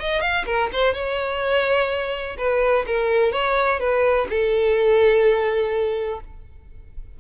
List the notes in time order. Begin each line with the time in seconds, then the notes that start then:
0.00 D#5
0.21 F5
0.46 A#4
0.73 C5
0.94 C#5
2.38 B4
2.87 A#4
3.32 C#5
3.80 B4
4.30 A4